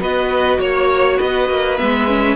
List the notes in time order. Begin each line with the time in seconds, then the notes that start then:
0.00 B3 F#4 B4 D#5
0.60 A#3 C#5
1.18 B3 B4 D#5
1.50 A#3
1.78 G#3 B3 E5
2.08 C#4